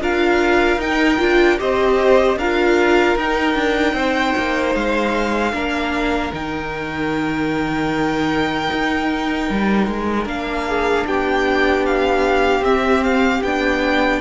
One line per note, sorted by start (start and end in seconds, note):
0.00 0.77 D4
0.00 0.80 F4
0.00 1.60 A#4
0.00 0.81 F5
0.77 1.17 D#4
0.77 1.19 D#4
0.77 1.60 G5
1.19 1.60 D4
1.19 1.59 F4
1.59 2.37 C4
1.59 2.37 G4
1.59 2.39 C5
1.59 2.39 D#5
2.37 3.16 D4
2.37 3.20 F4
2.37 3.95 A#4
2.37 3.18 F5
3.17 3.55 D#4
3.17 5.53 D#4
3.17 4.75 G5
3.55 3.94 D4
3.94 4.33 C4
3.94 5.53 C5
4.37 4.75 A#3
4.75 5.53 G#3
4.75 6.33 F5
5.53 6.32 A#3
5.53 6.32 D4
5.53 10.68 A#4
6.33 8.70 D#3
6.33 10.25 D#4
6.33 10.28 G5
8.73 9.51 D#4
9.51 9.87 G3
9.87 10.26 G#3
10.25 11.05 A#3
10.25 12.62 D4
10.25 11.07 F5
10.69 11.08 G#4
11.07 12.61 B3
11.07 14.22 G4
11.07 11.86 G5
11.86 12.65 F5
12.61 13.40 C4
12.61 13.43 C4
12.61 13.04 E5
13.04 13.43 F5
13.43 14.22 B3
13.43 14.22 D4
13.43 14.22 G5